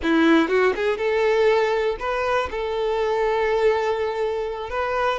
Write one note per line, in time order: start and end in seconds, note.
0.02 0.48 E4
0.48 0.73 F#4
0.75 0.97 G#4
0.97 1.96 A4
1.99 2.49 B4
2.50 4.70 A4
4.70 5.19 B4